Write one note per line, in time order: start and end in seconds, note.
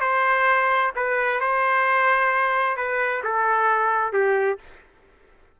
0.00 0.92 C5
0.96 1.40 B4
1.40 2.77 C5
2.77 3.22 B4
3.24 4.13 A4
4.13 4.58 G4